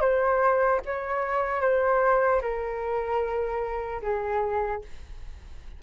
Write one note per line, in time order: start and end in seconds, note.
0.00 0.80 C5
0.85 1.61 C#5
1.61 2.41 C5
2.41 4.01 A#4
4.01 4.81 G#4